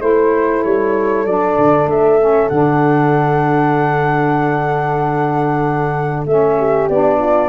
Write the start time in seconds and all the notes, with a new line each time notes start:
0.00 A3 E4 A4 C5
0.63 G3 C#5
1.26 F#3 D4 D5
1.58 D3
1.86 A3 E5
2.20 C#4
2.49 D3 D4 F#5
6.25 A3 C#4 E5
6.57 G4
6.89 B3 D4 D5
7.19 F4